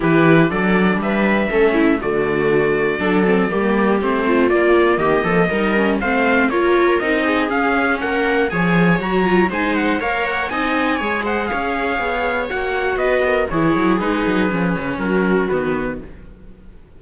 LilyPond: <<
  \new Staff \with { instrumentName = "trumpet" } { \time 4/4 \tempo 4 = 120 b'4 d''4 e''2 | d''1 | c''4 d''4 dis''2 | f''4 cis''4 dis''4 f''4 |
fis''4 gis''4 ais''4 gis''8 fis''8 | f''8 fis''8 gis''4. fis''8 f''4~ | f''4 fis''4 dis''4 cis''4 | b'2 ais'4 b'4 | }
  \new Staff \with { instrumentName = "viola" } { \time 4/4 g'4 a'4 b'4 a'8 e'8 | fis'2 a'4 g'4~ | g'8 f'4. g'8 a'8 ais'4 | c''4 ais'4. gis'4. |
ais'4 cis''2 c''4 | cis''4 dis''4 cis''8 c''8 cis''4~ | cis''2 b'8 ais'8 gis'4~ | gis'2 fis'2 | }
  \new Staff \with { instrumentName = "viola" } { \time 4/4 e'4 d'2 cis'4 | a2 d'8 c'8 ais4 | c'4 ais2 dis'8 cis'8 | c'4 f'4 dis'4 cis'4~ |
cis'4 gis'4 fis'8 f'8 dis'4 | ais'4 dis'4 gis'2~ | gis'4 fis'2 e'4 | dis'4 cis'2 b4 | }
  \new Staff \with { instrumentName = "cello" } { \time 4/4 e4 fis4 g4 a4 | d2 fis4 g4 | a4 ais4 dis8 f8 g4 | a4 ais4 c'4 cis'4 |
ais4 f4 fis4 gis4 | ais4 c'4 gis4 cis'4 | b4 ais4 b4 e8 fis8 | gis8 fis8 f8 cis8 fis4 dis4 | }
>>